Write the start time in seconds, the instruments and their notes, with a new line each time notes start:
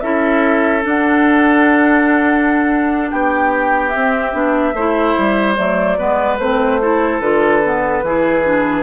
0.00 bassoon C#4, clarinet E4, oboe A4, flute E5
0.81 clarinet D4, bassoon D4, flute F#5
3.10 bassoon B3, oboe G4, flute G5
3.89 clarinet C4, bassoon C4, flute E5
4.32 bassoon B3, clarinet D4
4.73 bassoon A3, clarinet E4, oboe C5
5.18 bassoon G3
5.55 bassoon F#3, clarinet A3, flute D5
5.98 bassoon G#3, clarinet B3, oboe B4
6.38 bassoon A3, clarinet C4, flute C5
6.81 clarinet E4, oboe A4
7.20 bassoon D3, clarinet F4, flute B4
7.63 clarinet B3
8.02 bassoon E3, clarinet E4, oboe G#4
8.44 clarinet D4